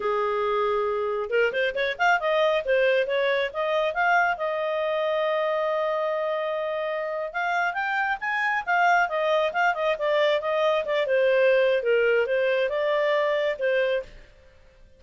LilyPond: \new Staff \with { instrumentName = "clarinet" } { \time 4/4 \tempo 4 = 137 gis'2. ais'8 c''8 | cis''8 f''8 dis''4 c''4 cis''4 | dis''4 f''4 dis''2~ | dis''1~ |
dis''8. f''4 g''4 gis''4 f''16~ | f''8. dis''4 f''8 dis''8 d''4 dis''16~ | dis''8. d''8 c''4.~ c''16 ais'4 | c''4 d''2 c''4 | }